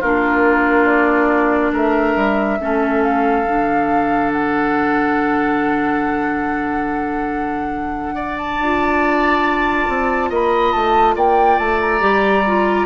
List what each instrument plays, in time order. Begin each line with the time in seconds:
0.00 bassoon A#3, clarinet D4, oboe F4, flute A#4
0.86 flute D5
1.72 bassoon A3, oboe A#4, flute E5
2.16 bassoon G3
2.60 bassoon A3, clarinet C#4, oboe A4
3.03 flute F5
3.46 bassoon D3, clarinet D4
4.32 flute F#5
8.15 oboe D5
8.37 flute A5
8.58 bassoon D4, clarinet F4
9.88 bassoon C4
10.29 bassoon A#3, oboe D#5, flute B5
10.72 bassoon A3, flute A5
11.15 bassoon A#3, oboe D5, flute G5
11.58 bassoon A3, flute A5
11.80 flute A#5
12.00 bassoon G3, clarinet G4
12.46 clarinet F4